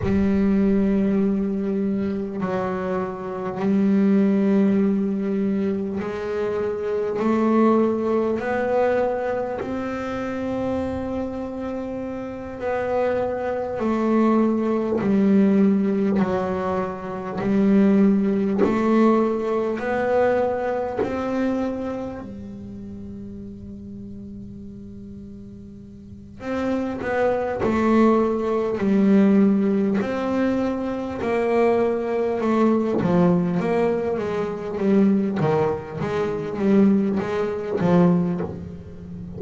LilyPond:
\new Staff \with { instrumentName = "double bass" } { \time 4/4 \tempo 4 = 50 g2 fis4 g4~ | g4 gis4 a4 b4 | c'2~ c'8 b4 a8~ | a8 g4 fis4 g4 a8~ |
a8 b4 c'4 g4.~ | g2 c'8 b8 a4 | g4 c'4 ais4 a8 f8 | ais8 gis8 g8 dis8 gis8 g8 gis8 f8 | }